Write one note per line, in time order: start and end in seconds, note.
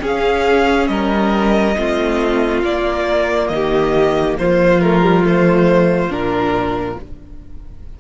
0.00 1.74 C#4
0.00 0.88 C#4
0.00 0.89 G#4
0.07 0.87 F5
0.87 1.75 G3
0.87 1.77 A#4
0.87 2.61 D#5
1.76 2.63 A3
1.76 2.63 C4
1.76 3.52 F4
2.63 3.49 A#3
2.63 4.82 A#3
2.63 3.48 D5
3.48 4.36 D#3
3.48 4.35 D#5
3.55 4.39 G4
4.39 6.09 F3
4.39 7.00 F4
4.39 4.81 C5
4.81 5.02 A3
4.81 5.24 A#4
5.02 5.23 G3
5.23 6.10 A3
5.23 6.12 C5
6.09 6.95 A#2
6.09 6.97 D4
6.09 6.99 A#4